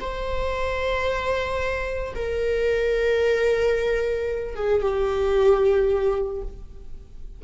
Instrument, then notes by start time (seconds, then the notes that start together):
viola
0.00 C5
2.15 A#4
4.56 G#4
4.82 G4